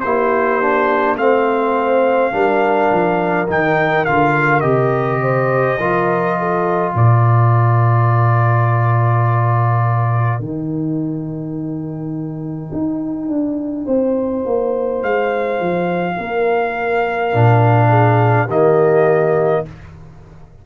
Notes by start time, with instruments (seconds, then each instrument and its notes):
0.00 tuba A#3, trombone E4, horn G4, trumpet C5
0.61 trombone D4
1.17 tuba A3, trombone C4, horn C5, trumpet F5
2.32 tuba G3, trombone D4, horn A#4
2.92 tuba F3
3.48 tuba D#3, trombone D#4, trumpet G5
4.05 tuba D3, trombone F4, trumpet F5
4.61 tuba C3, trombone G4, trumpet D#5
5.22 horn C5
5.78 tuba F3, trombone F4, horn A#4
6.39 horn A4
6.93 tuba A#2, horn A#4, trumpet D5
10.40 tuba D#3, trombone D#4, trumpet G5
12.72 tuba D#4
13.28 tuba D4
13.86 tuba C4, horn C5
14.45 tuba A#3
15.02 tuba G#3, trumpet F5
15.60 tuba F3
16.17 tuba A#3, horn A#4
17.32 tuba A#2, trombone D4
17.89 horn G#4
18.46 tuba D#3, trombone A#3, horn G4, trumpet D#5